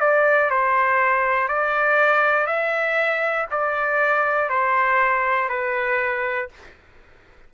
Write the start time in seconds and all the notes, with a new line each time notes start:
0.00 D5
0.50 C5
1.48 D5
2.46 E5
3.50 D5
4.49 C5
5.49 B4